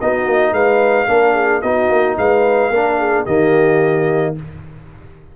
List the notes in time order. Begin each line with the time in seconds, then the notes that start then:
0.00 B3 D#4 F#4 D#5
0.25 A#3
0.52 G#3 B4 F5
1.07 A#3 D4 A#4
1.34 G#4
1.61 B3 D#4 F#4 D#5
1.89 A#3
2.17 G#3 B4 F5
2.70 A#3 D4 A#4
2.99 G#4
3.25 D#3 A#3 G4 D#5